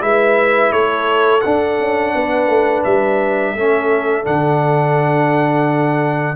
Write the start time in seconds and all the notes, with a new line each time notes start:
0.00 G#3 E4 B4 E5
0.71 A3 A4 C#5
1.41 D4 F#5
1.79 C#4
2.14 B3 B4
2.47 A3
2.84 G3 E5
3.55 A3 C#4 A4
4.24 D3 D4 F#5